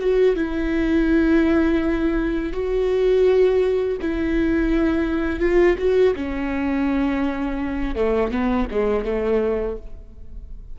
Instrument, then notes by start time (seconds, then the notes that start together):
viola
0.00 F#4
0.36 E4
2.53 F#4
4.01 E4
5.40 F4
5.78 F#4
6.16 C#4
7.96 A3
8.32 B3
8.71 G#3
9.05 A3